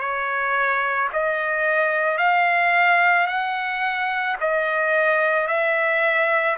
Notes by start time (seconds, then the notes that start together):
0.00 C#5
1.13 D#5
2.18 F5
3.27 F#5
4.41 D#5
5.48 E5